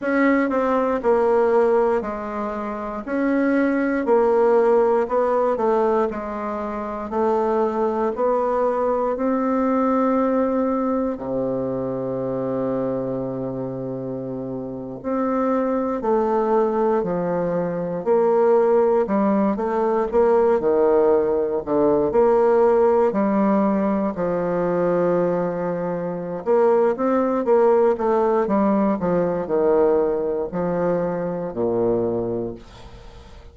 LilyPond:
\new Staff \with { instrumentName = "bassoon" } { \time 4/4 \tempo 4 = 59 cis'8 c'8 ais4 gis4 cis'4 | ais4 b8 a8 gis4 a4 | b4 c'2 c4~ | c2~ c8. c'4 a16~ |
a8. f4 ais4 g8 a8 ais16~ | ais16 dis4 d8 ais4 g4 f16~ | f2 ais8 c'8 ais8 a8 | g8 f8 dis4 f4 ais,4 | }